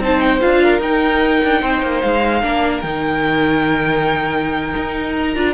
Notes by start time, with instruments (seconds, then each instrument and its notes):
0.00 cello C4, viola D#4, violin C5 A5
0.21 violin G5
0.41 cello D4, viola F4, violin F5
0.64 violin A#4
0.80 cello D#4, viola D#4, violin G5
1.44 cello D4
1.61 cello C4, violin C5
1.82 cello A#3
2.01 cello G#3, violin F5
2.42 cello A#3, viola D4, violin A#4
2.81 cello D#3, viola D#4, violin G5
4.77 cello D#4
5.12 violin A#5
5.36 cello D4, viola F4